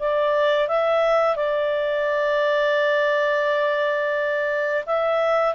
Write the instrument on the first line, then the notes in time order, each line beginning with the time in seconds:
clarinet
0.00 D5
0.68 E5
1.36 D5
4.86 E5